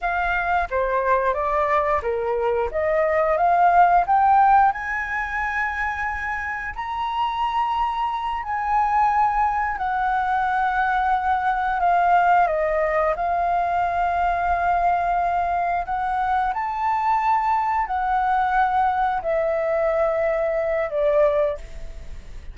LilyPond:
\new Staff \with { instrumentName = "flute" } { \time 4/4 \tempo 4 = 89 f''4 c''4 d''4 ais'4 | dis''4 f''4 g''4 gis''4~ | gis''2 ais''2~ | ais''8 gis''2 fis''4.~ |
fis''4. f''4 dis''4 f''8~ | f''2.~ f''8 fis''8~ | fis''8 a''2 fis''4.~ | fis''8 e''2~ e''8 d''4 | }